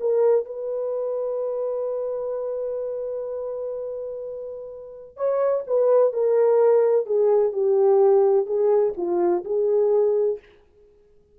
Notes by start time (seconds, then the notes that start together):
0.00 A#4
0.46 B4
5.16 C#5
5.67 B4
6.13 A#4
7.06 G#4
7.52 G4
8.46 G#4
8.97 F4
9.45 G#4